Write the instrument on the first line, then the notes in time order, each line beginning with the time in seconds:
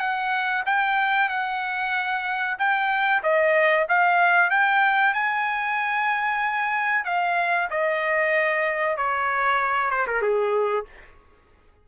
trumpet
0.00 F#5
0.66 G5
1.29 F#5
2.59 G5
3.23 D#5
3.89 F5
4.51 G5
5.14 G#5
7.05 F5
7.71 D#5
8.97 C#5
9.91 C5
10.07 A#4
10.22 G#4